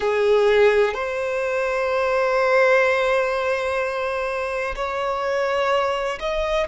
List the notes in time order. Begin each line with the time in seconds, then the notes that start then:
0.00 G#4
0.94 C5
4.75 C#5
6.19 D#5